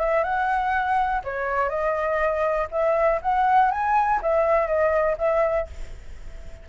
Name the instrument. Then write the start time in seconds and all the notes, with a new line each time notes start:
flute
0.00 E5
0.23 F#5
1.24 C#5
1.69 D#5
2.71 E5
3.22 F#5
3.71 G#5
4.22 E5
4.67 D#5
5.18 E5